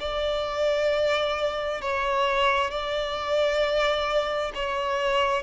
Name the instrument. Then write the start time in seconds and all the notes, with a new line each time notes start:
violin
0.00 D5
1.82 C#5
2.71 D5
4.55 C#5